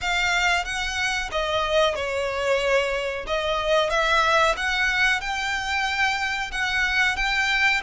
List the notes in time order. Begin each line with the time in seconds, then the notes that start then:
0.01 F5
0.64 F#5
1.31 D#5
1.95 C#5
3.26 D#5
3.90 E5
4.56 F#5
5.20 G5
6.51 F#5
7.16 G5